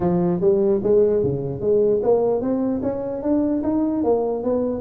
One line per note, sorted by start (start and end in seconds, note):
0.00 0.40 F3
0.40 0.81 G3
0.83 1.23 G#3
1.23 1.61 C#3
1.61 2.01 G#3
2.02 2.41 A#3
2.41 2.81 C4
2.82 3.22 C#4
3.22 3.62 D4
3.63 4.03 D#4
4.03 4.43 A#3
4.43 4.81 B3